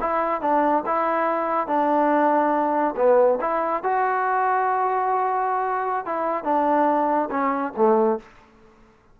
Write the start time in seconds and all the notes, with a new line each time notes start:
0.00 E4
0.41 D4
0.86 E4
1.67 D4
2.96 B3
3.40 E4
3.83 F#4
6.05 E4
6.44 D4
7.30 C#4
7.76 A3